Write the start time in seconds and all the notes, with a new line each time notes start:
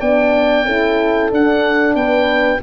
0.00 B3 D4 D5 G5
0.65 C#4 E4 A4
1.31 D4 F#5
1.95 B3 B4 G5